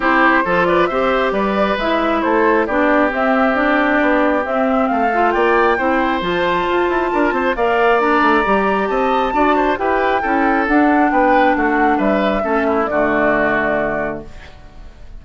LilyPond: <<
  \new Staff \with { instrumentName = "flute" } { \time 4/4 \tempo 4 = 135 c''4. d''8 e''4 d''4 | e''4 c''4 d''4 e''4 | d''2 e''4 f''4 | g''2 a''2~ |
a''4 f''4 ais''2 | a''2 g''2 | fis''4 g''4 fis''4 e''4~ | e''4 d''2. | }
  \new Staff \with { instrumentName = "oboe" } { \time 4/4 g'4 a'8 b'8 c''4 b'4~ | b'4 a'4 g'2~ | g'2. a'4 | d''4 c''2. |
ais'8 c''8 d''2. | dis''4 d''8 c''8 b'4 a'4~ | a'4 b'4 fis'4 b'4 | a'8 e'8 fis'2. | }
  \new Staff \with { instrumentName = "clarinet" } { \time 4/4 e'4 f'4 g'2 | e'2 d'4 c'4 | d'2 c'4. f'8~ | f'4 e'4 f'2~ |
f'4 ais'4 d'4 g'4~ | g'4 fis'4 g'4 e'4 | d'1 | cis'4 a2. | }
  \new Staff \with { instrumentName = "bassoon" } { \time 4/4 c'4 f4 c'4 g4 | gis4 a4 b4 c'4~ | c'4 b4 c'4 a4 | ais4 c'4 f4 f'8 e'8 |
d'8 c'8 ais4. a8 g4 | c'4 d'4 e'4 cis'4 | d'4 b4 a4 g4 | a4 d2. | }
>>